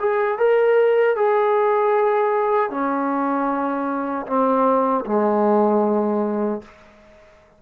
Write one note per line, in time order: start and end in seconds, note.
0.00 0.38 G#4
0.38 1.16 A#4
1.16 2.70 G#4
2.70 4.26 C#4
4.27 5.05 C4
5.06 6.62 G#3